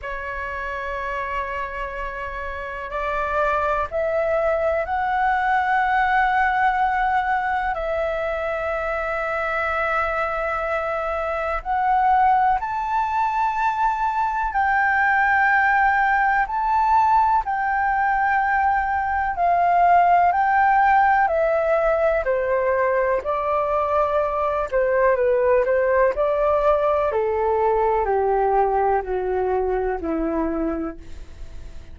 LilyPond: \new Staff \with { instrumentName = "flute" } { \time 4/4 \tempo 4 = 62 cis''2. d''4 | e''4 fis''2. | e''1 | fis''4 a''2 g''4~ |
g''4 a''4 g''2 | f''4 g''4 e''4 c''4 | d''4. c''8 b'8 c''8 d''4 | a'4 g'4 fis'4 e'4 | }